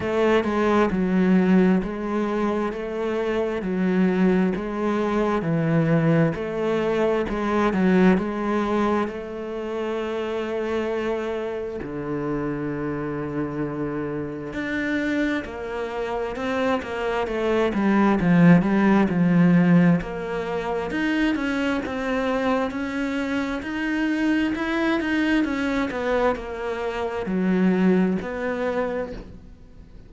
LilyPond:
\new Staff \with { instrumentName = "cello" } { \time 4/4 \tempo 4 = 66 a8 gis8 fis4 gis4 a4 | fis4 gis4 e4 a4 | gis8 fis8 gis4 a2~ | a4 d2. |
d'4 ais4 c'8 ais8 a8 g8 | f8 g8 f4 ais4 dis'8 cis'8 | c'4 cis'4 dis'4 e'8 dis'8 | cis'8 b8 ais4 fis4 b4 | }